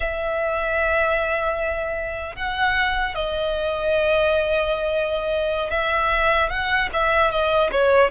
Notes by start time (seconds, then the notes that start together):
0.00 E5
2.35 F#5
3.14 D#5
5.70 E5
6.50 F#5
6.93 E5
7.30 D#5
7.71 C#5